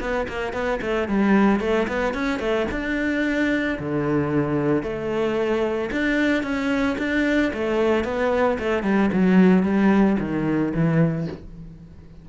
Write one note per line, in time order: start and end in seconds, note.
0.00 0.27 B3
0.28 0.53 A#3
0.53 0.80 B3
0.81 1.08 A3
1.08 1.60 G3
1.60 1.87 A3
1.87 2.14 B3
2.14 2.39 C#4
2.39 2.66 A3
2.71 3.78 D4
3.79 4.83 D3
4.83 5.90 A3
5.92 6.43 D4
6.43 6.96 C#4
6.98 7.52 D4
7.53 8.04 A3
8.04 8.58 B3
8.59 8.83 A3
8.83 9.09 G3
9.12 9.63 F#3
9.63 10.17 G3
10.19 10.73 D#3
10.74 11.27 E3